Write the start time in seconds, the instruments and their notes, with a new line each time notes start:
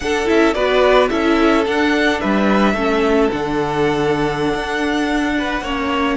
0.00 viola D4, cello D4, violin A4 F#5
0.25 cello C#4, viola E4, violin E5
0.53 cello B3, viola F#4, violin B4 D5
1.09 cello C#4, viola E4, violin A4 E5
1.65 viola D4, cello D4, violin F#5
2.20 cello G3, violin B4 E5
2.73 cello A3, viola C#4, violin A4
3.31 cello D3, viola D4, violin F#5
4.54 cello D4
5.38 violin B4
5.61 cello A#3, viola C#4, violin C#5